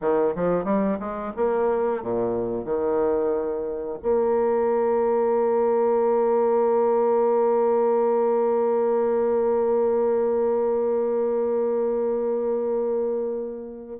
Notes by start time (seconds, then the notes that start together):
0.01 D#3
0.35 F3
0.64 G3
0.99 G#3
1.36 A#3
2.02 A#2
2.65 D#3
4.02 A#3